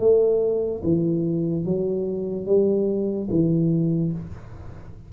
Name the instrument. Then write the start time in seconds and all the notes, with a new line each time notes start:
tuba
0.00 A3
0.84 E3
1.66 F#3
2.47 G3
3.31 E3